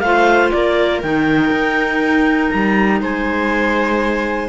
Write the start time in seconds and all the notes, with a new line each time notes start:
0.00 A3 F4 C5 F5
0.52 A#3 A#4 D5
1.03 D#3 D#4 G5
1.51 D#4
2.51 G3 A#5
3.01 G#3 C5 G#5